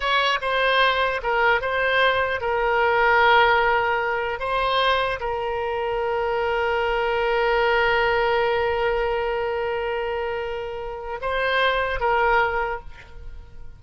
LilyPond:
\new Staff \with { instrumentName = "oboe" } { \time 4/4 \tempo 4 = 150 cis''4 c''2 ais'4 | c''2 ais'2~ | ais'2. c''4~ | c''4 ais'2.~ |
ais'1~ | ais'1~ | ais'1 | c''2 ais'2 | }